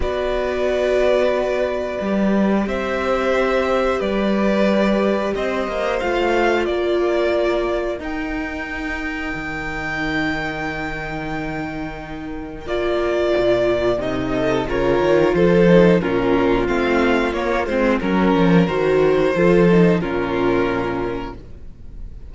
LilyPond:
<<
  \new Staff \with { instrumentName = "violin" } { \time 4/4 \tempo 4 = 90 d''1 | e''2 d''2 | dis''4 f''4 d''2 | g''1~ |
g''2. d''4~ | d''4 dis''4 cis''4 c''4 | ais'4 f''4 cis''8 c''8 ais'4 | c''2 ais'2 | }
  \new Staff \with { instrumentName = "violin" } { \time 4/4 b'1 | c''2 b'2 | c''2 ais'2~ | ais'1~ |
ais'1~ | ais'4. a'8 ais'4 a'4 | f'2. ais'4~ | ais'4 a'4 f'2 | }
  \new Staff \with { instrumentName = "viola" } { \time 4/4 fis'2. g'4~ | g'1~ | g'4 f'2. | dis'1~ |
dis'2. f'4~ | f'4 dis'4 f'4. dis'8 | cis'4 c'4 ais8 c'8 cis'4 | fis'4 f'8 dis'8 cis'2 | }
  \new Staff \with { instrumentName = "cello" } { \time 4/4 b2. g4 | c'2 g2 | c'8 ais8 a4 ais2 | dis'2 dis2~ |
dis2. ais4 | ais,4 c4 cis8 dis8 f4 | ais,4 a4 ais8 gis8 fis8 f8 | dis4 f4 ais,2 | }
>>